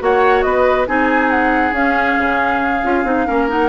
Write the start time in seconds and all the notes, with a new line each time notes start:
0.00 A#3 F#4 C#5 F#5
0.42 B3 B4 D#5
0.87 C4 D#4 G#4 G#5
1.31 F#5
1.72 C#4 F5
2.18 C#3
2.84 C#4 F4
3.04 C4 D#4
3.27 A#3 C#4 A#4
3.49 D#4 F#5